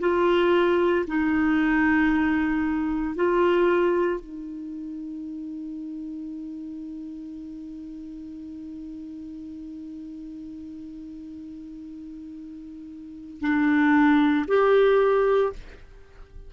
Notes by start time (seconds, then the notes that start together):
0.00 F4
1.08 D#4
3.16 F4
4.21 D#4
13.41 D4
14.48 G4